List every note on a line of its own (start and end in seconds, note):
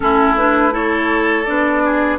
0.00 1.47 A3
0.00 0.36 C#4
0.00 0.73 E4
0.00 0.35 A4
0.37 0.71 D4
0.37 0.73 B4
0.71 1.44 E4
0.71 1.83 A4
0.71 1.44 C#5
1.44 2.18 B3
1.44 2.18 D4
1.44 2.17 D5
1.84 2.18 G#4